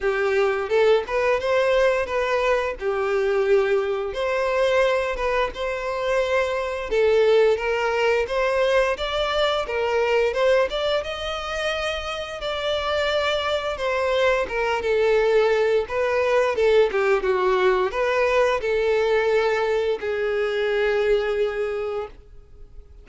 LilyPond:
\new Staff \with { instrumentName = "violin" } { \time 4/4 \tempo 4 = 87 g'4 a'8 b'8 c''4 b'4 | g'2 c''4. b'8 | c''2 a'4 ais'4 | c''4 d''4 ais'4 c''8 d''8 |
dis''2 d''2 | c''4 ais'8 a'4. b'4 | a'8 g'8 fis'4 b'4 a'4~ | a'4 gis'2. | }